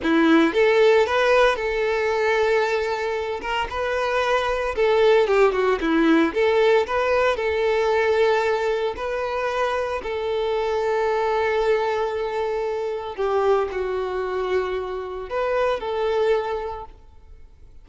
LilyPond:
\new Staff \with { instrumentName = "violin" } { \time 4/4 \tempo 4 = 114 e'4 a'4 b'4 a'4~ | a'2~ a'8 ais'8 b'4~ | b'4 a'4 g'8 fis'8 e'4 | a'4 b'4 a'2~ |
a'4 b'2 a'4~ | a'1~ | a'4 g'4 fis'2~ | fis'4 b'4 a'2 | }